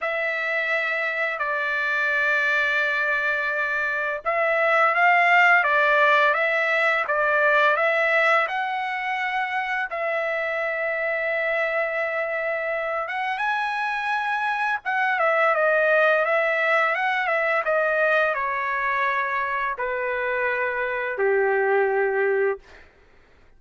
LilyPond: \new Staff \with { instrumentName = "trumpet" } { \time 4/4 \tempo 4 = 85 e''2 d''2~ | d''2 e''4 f''4 | d''4 e''4 d''4 e''4 | fis''2 e''2~ |
e''2~ e''8 fis''8 gis''4~ | gis''4 fis''8 e''8 dis''4 e''4 | fis''8 e''8 dis''4 cis''2 | b'2 g'2 | }